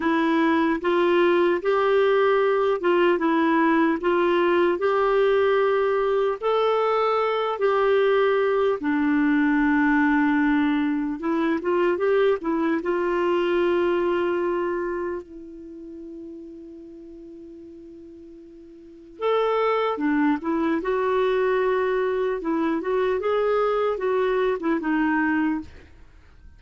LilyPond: \new Staff \with { instrumentName = "clarinet" } { \time 4/4 \tempo 4 = 75 e'4 f'4 g'4. f'8 | e'4 f'4 g'2 | a'4. g'4. d'4~ | d'2 e'8 f'8 g'8 e'8 |
f'2. e'4~ | e'1 | a'4 d'8 e'8 fis'2 | e'8 fis'8 gis'4 fis'8. e'16 dis'4 | }